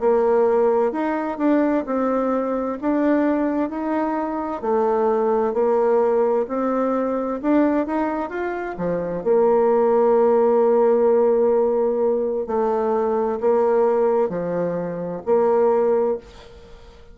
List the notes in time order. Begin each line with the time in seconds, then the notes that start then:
0.00 A#3
0.92 D#4
1.38 D4
1.86 C4
2.81 D4
3.70 D#4
4.62 A3
5.54 A#3
6.48 C4
7.42 D4
7.86 D#4
8.30 F4
8.78 F3
9.24 A#3
12.47 A3
13.40 A#3
14.29 F3
15.26 A#3